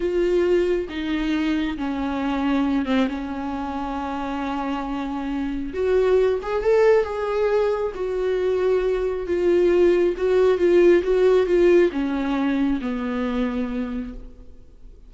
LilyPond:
\new Staff \with { instrumentName = "viola" } { \time 4/4 \tempo 4 = 136 f'2 dis'2 | cis'2~ cis'8 c'8 cis'4~ | cis'1~ | cis'4 fis'4. gis'8 a'4 |
gis'2 fis'2~ | fis'4 f'2 fis'4 | f'4 fis'4 f'4 cis'4~ | cis'4 b2. | }